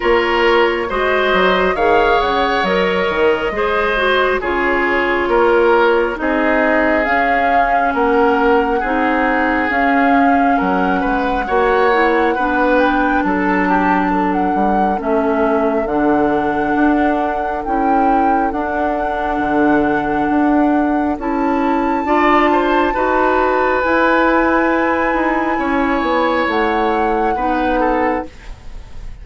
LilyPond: <<
  \new Staff \with { instrumentName = "flute" } { \time 4/4 \tempo 4 = 68 cis''4 dis''4 f''8 fis''8 dis''4~ | dis''4 cis''2 dis''4 | f''4 fis''2 f''4 | fis''2~ fis''8 g''8 a''4~ |
a''16 fis''8. e''4 fis''2 | g''4 fis''2. | a''2. gis''4~ | gis''2 fis''2 | }
  \new Staff \with { instrumentName = "oboe" } { \time 4/4 ais'4 c''4 cis''2 | c''4 gis'4 ais'4 gis'4~ | gis'4 ais'4 gis'2 | ais'8 b'8 cis''4 b'4 a'8 g'8 |
a'1~ | a'1~ | a'4 d''8 c''8 b'2~ | b'4 cis''2 b'8 a'8 | }
  \new Staff \with { instrumentName = "clarinet" } { \time 4/4 f'4 fis'4 gis'4 ais'4 | gis'8 fis'8 f'2 dis'4 | cis'2 dis'4 cis'4~ | cis'4 fis'8 e'8 d'2~ |
d'4 cis'4 d'2 | e'4 d'2. | e'4 f'4 fis'4 e'4~ | e'2. dis'4 | }
  \new Staff \with { instrumentName = "bassoon" } { \time 4/4 ais4 gis8 fis8 dis8 cis8 fis8 dis8 | gis4 cis4 ais4 c'4 | cis'4 ais4 c'4 cis'4 | fis8 gis8 ais4 b4 fis4~ |
fis8 g8 a4 d4 d'4 | cis'4 d'4 d4 d'4 | cis'4 d'4 dis'4 e'4~ | e'8 dis'8 cis'8 b8 a4 b4 | }
>>